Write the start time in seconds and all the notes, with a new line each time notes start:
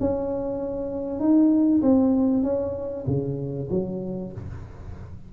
0.00 C#4
1.20 D#4
1.82 C4
2.43 C#4
3.07 C#3
3.70 F#3